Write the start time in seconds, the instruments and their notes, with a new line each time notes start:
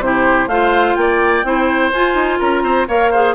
0.00 bassoon C3, clarinet E4, oboe G4, flute C5
0.47 bassoon A3, clarinet F4, oboe C5, flute F5
0.96 bassoon A#3, oboe D5, flute G5
1.44 bassoon C4, clarinet E4, oboe C5
1.93 bassoon F4, clarinet F4, flute G#5
2.14 bassoon D#4
2.39 bassoon C#4, oboe A#4, flute A#5
2.63 bassoon C4, oboe C5
2.88 bassoon A#3, clarinet A#4, oboe C#5, flute F5
3.12 clarinet G#4, oboe C5